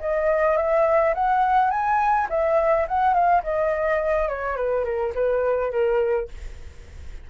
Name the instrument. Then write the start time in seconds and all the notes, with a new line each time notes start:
flute
0.00 D#5
0.57 E5
1.14 F#5
1.70 G#5
2.29 E5
2.88 F#5
3.14 F5
3.43 D#5
4.28 C#5
4.56 B4
4.84 A#4
5.15 B4
5.71 A#4